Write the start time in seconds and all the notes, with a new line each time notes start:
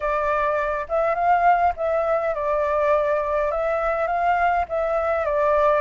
0.00 D5
0.88 E5
1.15 F5
1.76 E5
2.34 D5
3.51 E5
4.07 F5
4.68 E5
5.25 D5